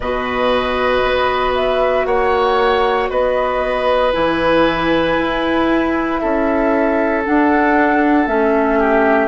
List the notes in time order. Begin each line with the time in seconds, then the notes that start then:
0.00 B2 F#4 B4 D#5
1.03 B3
1.55 E5
2.05 A#3 C#5 F#5
3.09 B3 B4 D#5
4.12 E3 E4 G#5
5.18 E4
6.18 C#4 A4 E5
7.25 D4 F#5
8.27 A3 C#4 E5
8.78 G4